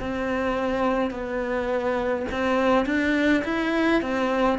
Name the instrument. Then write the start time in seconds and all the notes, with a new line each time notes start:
cello
0.00 C4
1.11 B3
2.32 C4
2.86 D4
3.45 E4
4.02 C4